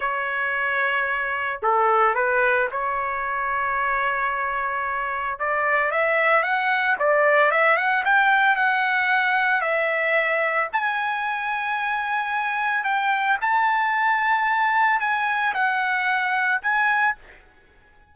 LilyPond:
\new Staff \with { instrumentName = "trumpet" } { \time 4/4 \tempo 4 = 112 cis''2. a'4 | b'4 cis''2.~ | cis''2 d''4 e''4 | fis''4 d''4 e''8 fis''8 g''4 |
fis''2 e''2 | gis''1 | g''4 a''2. | gis''4 fis''2 gis''4 | }